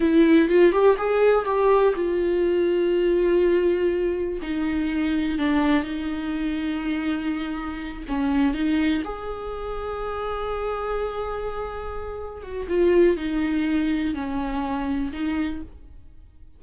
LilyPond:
\new Staff \with { instrumentName = "viola" } { \time 4/4 \tempo 4 = 123 e'4 f'8 g'8 gis'4 g'4 | f'1~ | f'4 dis'2 d'4 | dis'1~ |
dis'8 cis'4 dis'4 gis'4.~ | gis'1~ | gis'4. fis'8 f'4 dis'4~ | dis'4 cis'2 dis'4 | }